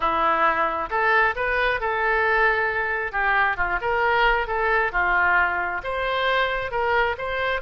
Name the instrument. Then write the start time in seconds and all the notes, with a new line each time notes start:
oboe
0.00 E4
0.90 A4
1.35 B4
1.80 A4
3.12 G4
3.57 F4
3.81 A#4
4.47 A4
4.92 F4
5.83 C5
6.71 A#4
7.18 C5